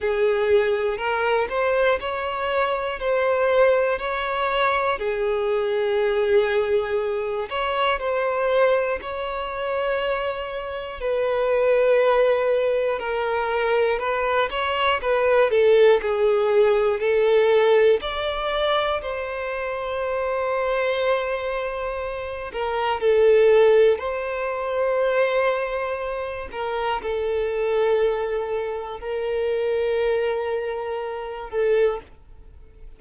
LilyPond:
\new Staff \with { instrumentName = "violin" } { \time 4/4 \tempo 4 = 60 gis'4 ais'8 c''8 cis''4 c''4 | cis''4 gis'2~ gis'8 cis''8 | c''4 cis''2 b'4~ | b'4 ais'4 b'8 cis''8 b'8 a'8 |
gis'4 a'4 d''4 c''4~ | c''2~ c''8 ais'8 a'4 | c''2~ c''8 ais'8 a'4~ | a'4 ais'2~ ais'8 a'8 | }